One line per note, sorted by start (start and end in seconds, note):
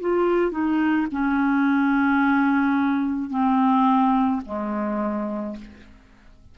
0.00 0.51 F4
0.51 1.06 D#4
1.11 3.30 C#4
3.30 4.41 C4
4.44 5.56 G#3